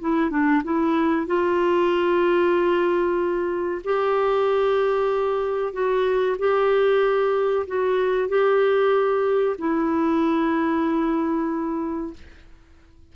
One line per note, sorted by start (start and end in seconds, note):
0.00 0.30 E4
0.30 0.62 D4
0.64 1.26 E4
1.26 3.82 F4
3.84 5.73 G4
5.73 6.37 F#4
6.38 7.66 G4
7.67 8.29 F#4
8.29 9.56 G4
9.58 12.13 E4